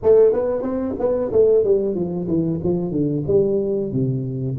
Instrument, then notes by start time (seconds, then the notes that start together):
tuba
0.03 A3
0.32 B3
0.62 C4
0.99 B3
1.32 A3
1.64 G3
1.94 F3
2.27 E3
2.63 F3
2.91 D3
3.27 G3
3.92 C3